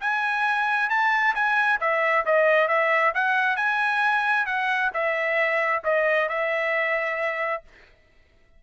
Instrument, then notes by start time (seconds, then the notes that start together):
trumpet
0.00 G#5
0.89 A5
1.35 G#5
1.80 E5
2.25 D#5
2.68 E5
3.14 F#5
3.56 G#5
4.46 F#5
4.93 E5
5.84 D#5
6.28 E5